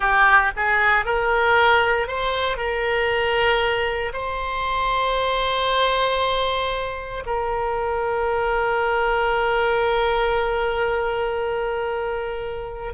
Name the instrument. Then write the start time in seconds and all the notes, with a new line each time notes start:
oboe
0.00 G4
0.56 G#4
1.05 A#4
2.07 C5
2.57 A#4
4.13 C5
7.26 A#4